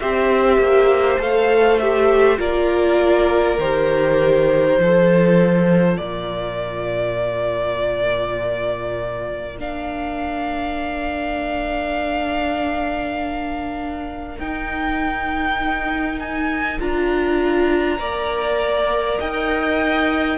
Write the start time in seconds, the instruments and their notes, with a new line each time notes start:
0.00 cello C4, viola G4, violin C5 E5
0.58 cello A#3
1.19 cello A3, viola A4, violin F5
1.79 viola G4, violin E5
2.37 cello A#3, viola F4, violin A#4 D5
3.58 cello D#3, viola G4, violin C5
4.78 cello F3, viola F4, violin A4
5.97 cello A#2, violin A#4 D5
9.59 cello A#3, viola D4, violin F5
14.38 cello D#4, viola D#4, violin G5
16.20 violin G#5
16.79 cello D4, viola F4, violin A#5
17.99 cello A#3, viola A#4, violin D5
19.19 cello D#4, violin D#5 G5